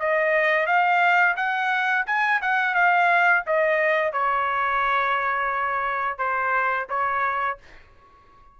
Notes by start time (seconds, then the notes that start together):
0.00 D#5
0.67 F5
1.37 F#5
2.07 G#5
2.42 F#5
2.75 F5
3.47 D#5
4.13 C#5
6.18 C5
6.89 C#5